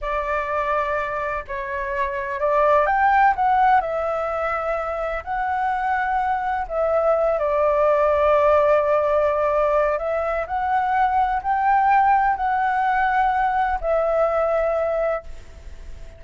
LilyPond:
\new Staff \with { instrumentName = "flute" } { \time 4/4 \tempo 4 = 126 d''2. cis''4~ | cis''4 d''4 g''4 fis''4 | e''2. fis''4~ | fis''2 e''4. d''8~ |
d''1~ | d''4 e''4 fis''2 | g''2 fis''2~ | fis''4 e''2. | }